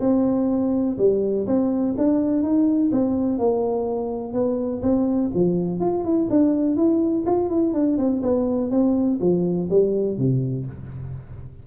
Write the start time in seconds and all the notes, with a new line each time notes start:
0.00 C4
0.98 G3
1.47 C4
1.98 D4
2.43 D#4
2.92 C4
3.38 A#3
4.33 B3
4.82 C4
5.34 F3
5.80 F4
6.04 E4
6.30 D4
6.76 E4
7.26 F4
7.50 E4
7.74 D4
7.98 C4
8.22 B3
8.71 C4
9.21 F3
9.70 G3
10.17 C3